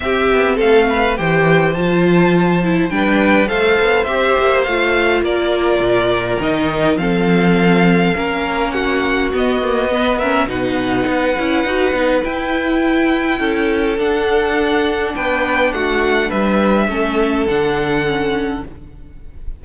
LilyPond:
<<
  \new Staff \with { instrumentName = "violin" } { \time 4/4 \tempo 4 = 103 e''4 f''4 g''4 a''4~ | a''4 g''4 f''4 e''4 | f''4 d''2 dis''4 | f''2. fis''4 |
dis''4. e''8 fis''2~ | fis''4 g''2. | fis''2 g''4 fis''4 | e''2 fis''2 | }
  \new Staff \with { instrumentName = "violin" } { \time 4/4 g'4 a'8 b'8 c''2~ | c''4 b'4 c''2~ | c''4 ais'2. | a'2 ais'4 fis'4~ |
fis'4 b'8 ais'8 b'2~ | b'2. a'4~ | a'2 b'4 fis'4 | b'4 a'2. | }
  \new Staff \with { instrumentName = "viola" } { \time 4/4 c'2 g'4 f'4~ | f'8 e'8 d'4 a'4 g'4 | f'2. dis'4 | c'2 cis'2 |
b8 ais8 b8 cis'8 dis'4. e'8 | fis'8 dis'8 e'2. | d'1~ | d'4 cis'4 d'4 cis'4 | }
  \new Staff \with { instrumentName = "cello" } { \time 4/4 c'8 b8 a4 e4 f4~ | f4 g4 a8 b8 c'8 ais8 | a4 ais4 ais,4 dis4 | f2 ais2 |
b2 b,4 b8 cis'8 | dis'8 b8 e'2 cis'4 | d'2 b4 a4 | g4 a4 d2 | }
>>